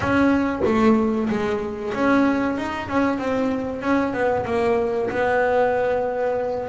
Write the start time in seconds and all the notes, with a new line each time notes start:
0.00 C#4
0.65 A3
1.29 G#3
1.94 C#4
2.57 D#4
2.88 C#4
3.18 C4
3.81 C#4
4.13 B3
4.45 A#3
5.09 B3